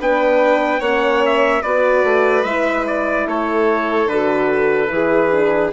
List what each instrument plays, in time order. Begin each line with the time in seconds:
0.00 bassoon B3, horn D4, violin B4, trumpet G5
0.79 bassoon A#3, horn C#4, violin C#5, trumpet F#5
1.25 trumpet E5
1.62 bassoon B3, horn F#4, violin B4, trumpet D5
2.03 bassoon A3
2.43 bassoon G#3, horn E4, trumpet E5
2.86 trumpet D5
3.27 bassoon A3, violin A4, trumpet C#5
4.06 bassoon D3, trumpet B4
4.13 horn F#4
4.88 bassoon E3, horn E4, violin G#4
5.31 horn D4